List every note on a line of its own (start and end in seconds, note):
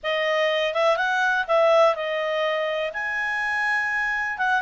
0.03 0.74 D#5
0.74 0.96 E5
0.96 1.45 F#5
1.47 1.95 E5
1.95 2.92 D#5
2.93 4.37 G#5
4.37 4.62 F#5